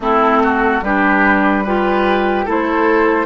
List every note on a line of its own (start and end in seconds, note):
0.00 0.81 A3
0.00 0.84 C4
0.00 0.42 E4
0.00 0.83 A4
0.43 0.84 F#4
0.81 2.46 G3
0.81 1.66 D4
0.81 1.64 G4
0.81 1.65 B4
1.64 2.46 F4
1.64 2.48 G4
1.64 2.45 B4
2.45 3.26 A3
2.45 3.26 E4
2.45 3.26 A4
2.45 3.26 C5